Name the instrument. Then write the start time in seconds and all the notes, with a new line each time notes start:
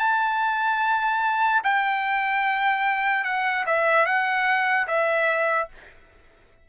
trumpet
0.00 A5
1.64 G5
3.25 F#5
3.67 E5
4.06 F#5
4.88 E5